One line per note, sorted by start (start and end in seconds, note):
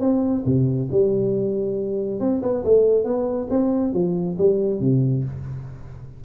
0.00 0.43 C4
0.45 0.89 C3
0.91 2.20 G3
2.20 2.41 C4
2.42 2.64 B3
2.64 3.04 A3
3.04 3.47 B3
3.50 3.93 C4
3.93 4.37 F3
4.38 4.80 G3
4.80 5.24 C3